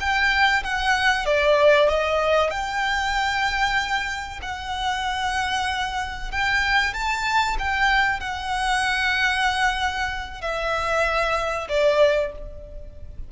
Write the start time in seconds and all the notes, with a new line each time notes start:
0.00 G5
0.63 F#5
1.25 D5
1.89 D#5
2.50 G5
4.42 F#5
6.31 G5
6.94 A5
7.59 G5
8.20 F#5
10.41 E5
11.69 D5